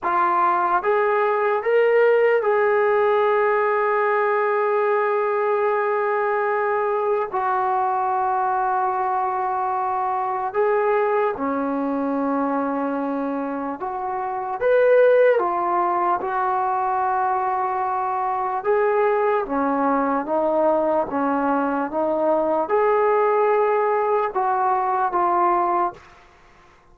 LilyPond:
\new Staff \with { instrumentName = "trombone" } { \time 4/4 \tempo 4 = 74 f'4 gis'4 ais'4 gis'4~ | gis'1~ | gis'4 fis'2.~ | fis'4 gis'4 cis'2~ |
cis'4 fis'4 b'4 f'4 | fis'2. gis'4 | cis'4 dis'4 cis'4 dis'4 | gis'2 fis'4 f'4 | }